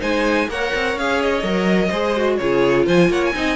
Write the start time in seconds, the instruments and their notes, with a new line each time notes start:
0.00 cello G#3, viola D#4, violin C5 G#5
0.49 cello A#3, viola A#4, violin C#5 F#5
0.75 cello C4
0.95 cello C#4, viola G#4, violin F5
1.22 violin D#5
1.43 cello F#3, viola A#4
1.89 cello G#3, viola G#4, violin C5
2.16 viola F#4
2.38 cello C#3, viola F4, violin G#4 C#5
2.86 cello F3, violin C5 G#5
3.09 cello A#3, violin C#5 F#5
3.25 violin G#5
3.35 cello C4, viola D#4, violin D#5